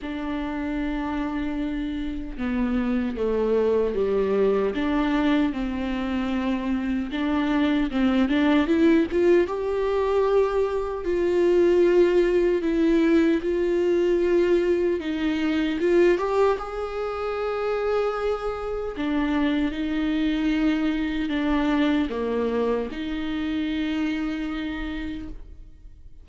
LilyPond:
\new Staff \with { instrumentName = "viola" } { \time 4/4 \tempo 4 = 76 d'2. b4 | a4 g4 d'4 c'4~ | c'4 d'4 c'8 d'8 e'8 f'8 | g'2 f'2 |
e'4 f'2 dis'4 | f'8 g'8 gis'2. | d'4 dis'2 d'4 | ais4 dis'2. | }